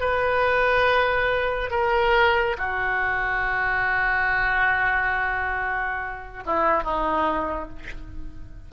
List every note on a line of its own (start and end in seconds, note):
0.00 1.71 B4
1.71 2.56 A#4
2.58 6.44 F#4
6.46 6.84 E4
6.84 7.69 D#4